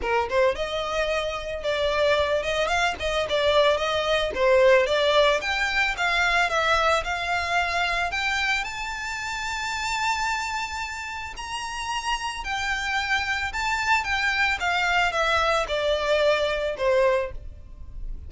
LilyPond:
\new Staff \with { instrumentName = "violin" } { \time 4/4 \tempo 4 = 111 ais'8 c''8 dis''2 d''4~ | d''8 dis''8 f''8 dis''8 d''4 dis''4 | c''4 d''4 g''4 f''4 | e''4 f''2 g''4 |
a''1~ | a''4 ais''2 g''4~ | g''4 a''4 g''4 f''4 | e''4 d''2 c''4 | }